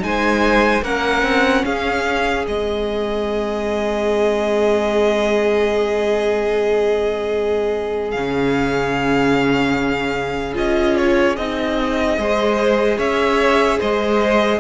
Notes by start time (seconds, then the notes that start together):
0.00 G#3 D#4 G#5
0.06 C5
0.83 A#3 C#4 A#4 F#5
1.23 C4
1.65 C#4 G#4 F5
2.46 G#3 C4 D#5
8.11 C#3 C#4 F5
10.55 C#4 F4 D#5
10.97 C#5
11.37 C4 D#4 D#5
12.18 G#3 G#4 C5
12.98 C#4 C#5 E5
13.80 G#3 C5 D#5